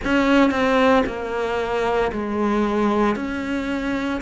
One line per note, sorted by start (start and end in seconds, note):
0.04 0.50 C#4
0.50 1.03 C4
1.06 2.11 A#3
2.11 3.15 G#3
3.15 4.21 C#4